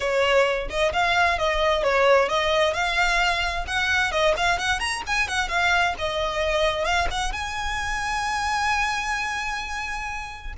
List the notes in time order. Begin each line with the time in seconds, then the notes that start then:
0.00 C#5
0.69 D#5
0.92 F5
1.38 D#5
1.83 C#5
2.28 D#5
2.73 F5
3.67 F#5
4.11 D#5
4.37 F5
4.58 F#5
4.79 A#5
5.06 G#5
5.28 F#5
5.48 F5
5.98 D#5
6.85 F5
7.10 F#5
7.32 G#5